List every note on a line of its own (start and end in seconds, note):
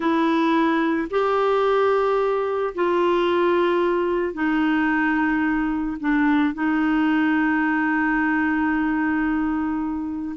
0.00 1.08 E4
1.10 2.74 G4
2.74 4.33 F4
4.33 5.97 D#4
6.00 6.53 D4
6.53 10.35 D#4